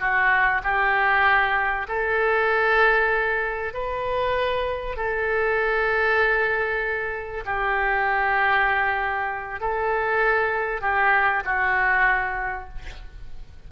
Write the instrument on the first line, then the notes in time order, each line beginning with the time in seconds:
oboe
0.00 F#4
0.63 G4
1.88 A4
3.74 B4
4.97 A4
7.45 G4
9.60 A4
10.82 G4
11.45 F#4